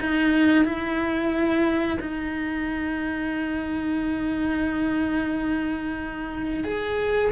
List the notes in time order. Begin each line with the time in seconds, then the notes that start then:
0.00 D#4
0.65 E4
2.01 D#4
6.64 G#4